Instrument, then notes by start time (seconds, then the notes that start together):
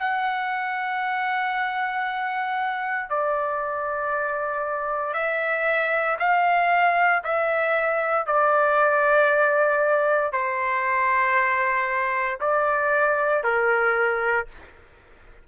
trumpet
0.00 F#5
3.10 D5
5.14 E5
6.19 F5
7.24 E5
8.26 D5
10.33 C5
12.40 D5
13.43 A#4